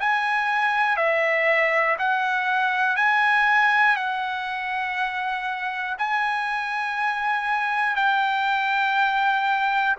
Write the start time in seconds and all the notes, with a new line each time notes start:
0.00 G#5
0.97 E5
1.99 F#5
2.96 G#5
3.96 F#5
5.98 G#5
7.96 G5